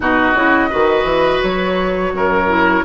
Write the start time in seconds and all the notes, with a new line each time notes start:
0.00 B2 D#4 F#4 D#5
0.34 C#3 E4
0.69 D#3 F#4 B4
1.04 E3
1.42 F#3 C#5
2.12 F#2 A#4
2.48 E4